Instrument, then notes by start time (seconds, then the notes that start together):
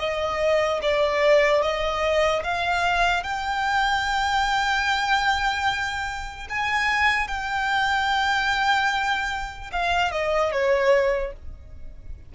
violin
0.00 D#5
0.83 D5
1.63 D#5
2.44 F5
3.24 G5
6.50 G#5
7.28 G5
9.72 F5
10.12 D#5
10.52 C#5